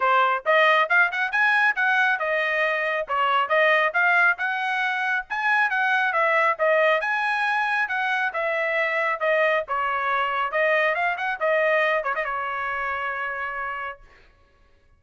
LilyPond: \new Staff \with { instrumentName = "trumpet" } { \time 4/4 \tempo 4 = 137 c''4 dis''4 f''8 fis''8 gis''4 | fis''4 dis''2 cis''4 | dis''4 f''4 fis''2 | gis''4 fis''4 e''4 dis''4 |
gis''2 fis''4 e''4~ | e''4 dis''4 cis''2 | dis''4 f''8 fis''8 dis''4. cis''16 dis''16 | cis''1 | }